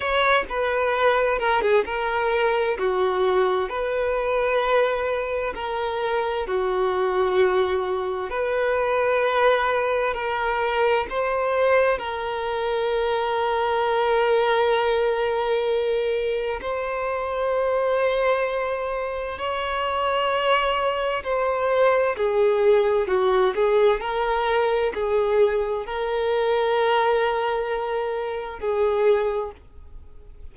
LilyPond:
\new Staff \with { instrumentName = "violin" } { \time 4/4 \tempo 4 = 65 cis''8 b'4 ais'16 gis'16 ais'4 fis'4 | b'2 ais'4 fis'4~ | fis'4 b'2 ais'4 | c''4 ais'2.~ |
ais'2 c''2~ | c''4 cis''2 c''4 | gis'4 fis'8 gis'8 ais'4 gis'4 | ais'2. gis'4 | }